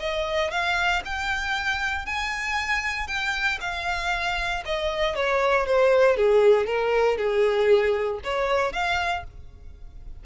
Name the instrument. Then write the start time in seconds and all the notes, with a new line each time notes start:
violin
0.00 D#5
0.51 F5
1.05 G5
2.06 G#5
3.07 G5
3.61 F5
4.65 D#5
5.16 C#5
5.66 C5
6.17 G#4
6.67 A#4
7.17 G#4
8.24 C#5
8.73 F5